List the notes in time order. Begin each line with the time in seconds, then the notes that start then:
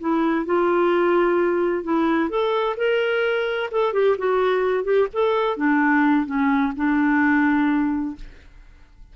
0.00 E4
0.46 F4
1.84 E4
2.30 A4
2.77 A#4
3.71 A4
3.93 G4
4.18 F#4
4.84 G4
5.13 A4
5.57 D4
6.26 C#4
6.76 D4